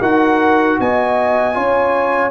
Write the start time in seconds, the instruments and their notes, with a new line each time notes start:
0.00 tuba D#4, trombone F#4, horn A#4, trumpet F#5
0.80 tuba B3, horn D#5, trumpet G#5
1.54 tuba C#4, trombone F4, horn C#5